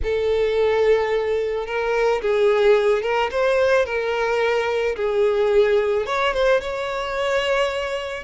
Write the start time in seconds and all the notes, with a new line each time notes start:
0.03 A4
1.66 A#4
2.21 G#4
3.02 A#4
3.31 C5
3.85 A#4
4.96 G#4
6.06 C#5
6.33 C5
6.61 C#5